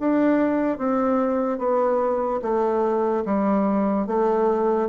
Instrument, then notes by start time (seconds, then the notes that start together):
bassoon
0.00 D4
0.78 C4
1.59 B3
2.42 A3
3.25 G3
4.07 A3